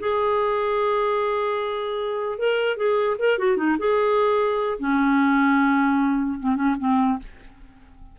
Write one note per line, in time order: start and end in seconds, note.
0.00 2.39 G#4
2.39 2.77 A#4
2.77 3.17 G#4
3.19 3.39 A#4
3.39 3.57 F#4
3.57 3.77 D#4
3.79 4.79 G#4
4.79 6.39 C#4
6.40 6.56 C4
6.56 6.76 C#4
6.79 7.19 C4